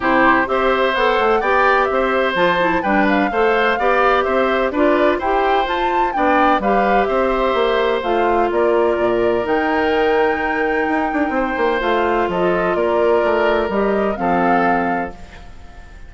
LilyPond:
<<
  \new Staff \with { instrumentName = "flute" } { \time 4/4 \tempo 4 = 127 c''4 e''4 fis''4 g''4 | e''4 a''4 g''8 f''4.~ | f''4 e''4 d''4 g''4 | a''4 g''4 f''4 e''4~ |
e''4 f''4 d''2 | g''1~ | g''4 f''4 dis''4 d''4~ | d''4 dis''4 f''2 | }
  \new Staff \with { instrumentName = "oboe" } { \time 4/4 g'4 c''2 d''4 | c''2 b'4 c''4 | d''4 c''4 b'4 c''4~ | c''4 d''4 b'4 c''4~ |
c''2 ais'2~ | ais'1 | c''2 a'4 ais'4~ | ais'2 a'2 | }
  \new Staff \with { instrumentName = "clarinet" } { \time 4/4 e'4 g'4 a'4 g'4~ | g'4 f'8 e'8 d'4 a'4 | g'2 f'4 g'4 | f'4 d'4 g'2~ |
g'4 f'2. | dis'1~ | dis'4 f'2.~ | f'4 g'4 c'2 | }
  \new Staff \with { instrumentName = "bassoon" } { \time 4/4 c4 c'4 b8 a8 b4 | c'4 f4 g4 a4 | b4 c'4 d'4 e'4 | f'4 b4 g4 c'4 |
ais4 a4 ais4 ais,4 | dis2. dis'8 d'8 | c'8 ais8 a4 f4 ais4 | a4 g4 f2 | }
>>